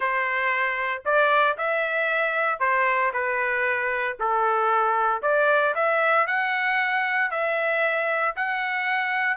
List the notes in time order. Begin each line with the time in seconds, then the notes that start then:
0.00 C5
1.05 D5
1.57 E5
2.59 C5
3.13 B4
4.19 A4
5.22 D5
5.74 E5
6.26 F#5
7.30 E5
8.36 F#5